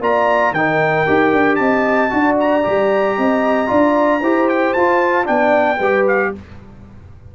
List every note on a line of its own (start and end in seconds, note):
0.00 0.52 A#3
0.00 0.54 F4
0.00 0.54 D5
0.00 0.53 A#5
0.52 1.04 D#3
0.52 1.07 D#4
0.52 1.59 A#4
0.52 1.56 G5
1.07 1.33 D#4
1.07 2.10 G4
1.33 1.59 D4
1.56 2.12 C4
1.56 2.12 D#5
1.56 2.35 A5
2.10 2.65 D4
2.10 2.62 F#4
2.10 3.18 D5
2.39 4.48 A#5
2.63 3.18 G3
2.63 3.67 G4
3.18 3.70 C4
3.18 3.69 D#5
3.67 4.21 D4
3.67 4.19 F4
3.67 4.20 D5
4.20 4.74 E4
4.20 4.76 G4
4.20 5.26 C5
4.48 4.73 G5
4.73 5.28 F4
4.73 5.24 F4
4.73 5.26 A5
5.24 5.79 B3
5.24 5.77 D4
5.24 5.78 D5
5.24 6.05 G5
5.78 6.32 G3
5.78 6.35 G4
5.78 6.30 B4
6.07 6.34 F5